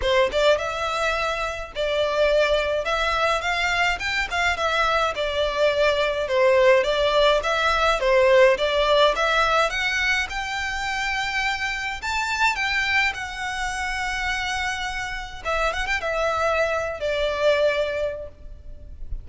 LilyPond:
\new Staff \with { instrumentName = "violin" } { \time 4/4 \tempo 4 = 105 c''8 d''8 e''2 d''4~ | d''4 e''4 f''4 g''8 f''8 | e''4 d''2 c''4 | d''4 e''4 c''4 d''4 |
e''4 fis''4 g''2~ | g''4 a''4 g''4 fis''4~ | fis''2. e''8 fis''16 g''16 | e''4.~ e''16 d''2~ d''16 | }